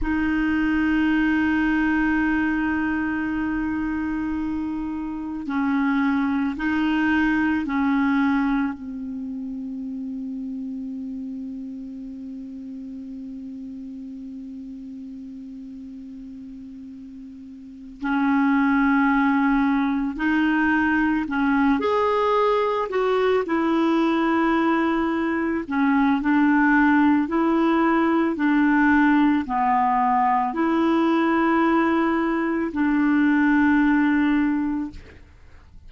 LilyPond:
\new Staff \with { instrumentName = "clarinet" } { \time 4/4 \tempo 4 = 55 dis'1~ | dis'4 cis'4 dis'4 cis'4 | c'1~ | c'1~ |
c'8 cis'2 dis'4 cis'8 | gis'4 fis'8 e'2 cis'8 | d'4 e'4 d'4 b4 | e'2 d'2 | }